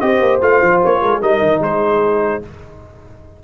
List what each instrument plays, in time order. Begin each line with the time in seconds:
0.00 tuba C4, trombone G4, horn C5, trumpet D#5
0.20 tuba A#3
0.41 tuba A3, trombone F4, trumpet F5
0.62 tuba F3
0.84 tuba A#3, trumpet C#5
1.02 tuba G#3, horn A#4
1.12 horn G#4
1.21 tuba G3, trombone D#4, horn A#4, trumpet D#5
1.42 tuba D#3
1.60 tuba G#3, horn G#4, trumpet C5